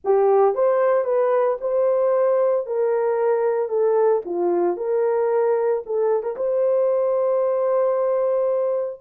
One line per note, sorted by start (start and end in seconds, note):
0.04 0.54 G4
0.54 1.04 C5
1.04 1.57 B4
1.60 2.66 C5
2.66 3.69 A#4
3.69 4.22 A4
4.25 4.76 F4
4.76 5.83 A#4
5.86 6.22 A4
6.22 6.36 A#4
6.36 9.00 C5